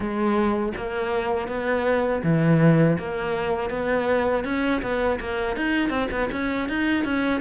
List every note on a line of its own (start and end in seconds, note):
0.00 0.72 G#3
0.76 1.47 A#3
1.47 2.22 B3
2.23 2.97 E3
2.98 3.70 A#3
3.70 4.44 B3
4.44 4.81 C#4
4.82 5.19 B3
5.20 5.56 A#3
5.56 5.89 D#4
5.89 6.07 C4
6.11 6.29 B3
6.31 6.68 C#4
6.68 7.04 D#4
7.04 7.41 C#4